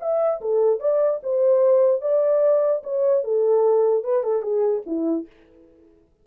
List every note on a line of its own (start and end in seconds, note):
0.00 0.40 E5
0.41 0.80 A4
0.80 1.20 D5
1.22 2.01 C5
2.01 2.82 D5
2.83 3.23 C#5
3.24 4.03 A4
4.03 4.23 B4
4.23 4.42 A4
4.42 4.82 G#4
4.86 5.26 E4